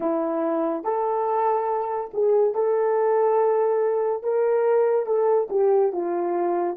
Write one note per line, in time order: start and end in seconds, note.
0.00 0.84 E4
0.84 2.10 A4
2.13 2.54 G#4
2.54 4.23 A4
4.23 5.06 A#4
5.06 5.48 A4
5.50 5.92 G4
5.92 6.76 F4